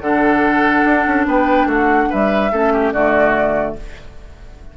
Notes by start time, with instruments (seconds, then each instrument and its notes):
0.00 bassoon D3, clarinet D4, oboe A4, flute F#5
0.85 bassoon D4
1.07 bassoon C#4
1.26 bassoon B3, oboe B4, flute G5
1.66 bassoon A3, oboe F#4, flute F#5
2.10 bassoon G3, oboe B4, flute E5
2.52 bassoon A3, clarinet C#4, oboe A4
2.73 oboe G4
2.93 bassoon D3, clarinet A3, oboe F#4, flute D5